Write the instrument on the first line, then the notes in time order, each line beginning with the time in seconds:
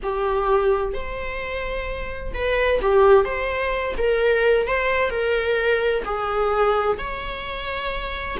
viola
0.02 G4
0.93 C5
2.34 B4
2.81 G4
3.24 C5
3.97 A#4
4.67 C5
5.10 A#4
6.04 G#4
6.98 C#5